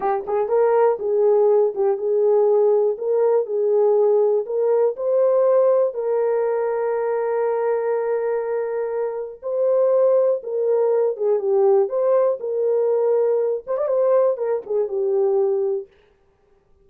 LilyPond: \new Staff \with { instrumentName = "horn" } { \time 4/4 \tempo 4 = 121 g'8 gis'8 ais'4 gis'4. g'8 | gis'2 ais'4 gis'4~ | gis'4 ais'4 c''2 | ais'1~ |
ais'2. c''4~ | c''4 ais'4. gis'8 g'4 | c''4 ais'2~ ais'8 c''16 d''16 | c''4 ais'8 gis'8 g'2 | }